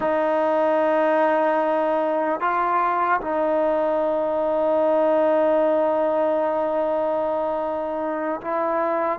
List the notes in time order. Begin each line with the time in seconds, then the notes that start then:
0.00 D#4
2.40 F4
3.20 D#4
8.41 E4